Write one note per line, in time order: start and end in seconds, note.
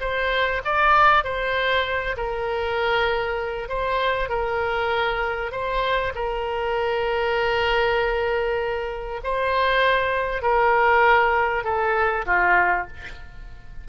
0.00 0.61 C5
0.64 1.24 D5
1.24 2.16 C5
2.17 3.68 A#4
3.68 4.29 C5
4.29 5.52 A#4
5.52 6.13 C5
6.15 9.21 A#4
9.23 10.42 C5
10.42 11.64 A#4
11.64 12.25 A4
12.26 12.87 F4